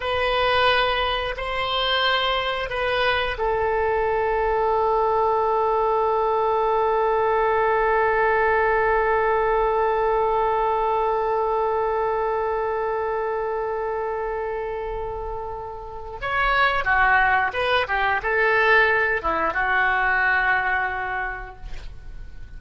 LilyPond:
\new Staff \with { instrumentName = "oboe" } { \time 4/4 \tempo 4 = 89 b'2 c''2 | b'4 a'2.~ | a'1~ | a'1~ |
a'1~ | a'1 | cis''4 fis'4 b'8 g'8 a'4~ | a'8 e'8 fis'2. | }